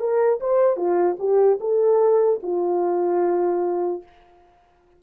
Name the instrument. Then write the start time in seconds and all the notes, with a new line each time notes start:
horn
0.00 A#4
0.40 C5
0.77 F4
1.19 G4
1.61 A4
2.43 F4